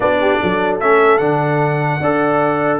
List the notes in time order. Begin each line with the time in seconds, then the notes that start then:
0.00 B3 D4 F#4 D5
0.21 G4
0.41 F#3 A4
0.80 A3 C#4 E5
1.17 D3 D4 F#5
2.00 D4 A4 D5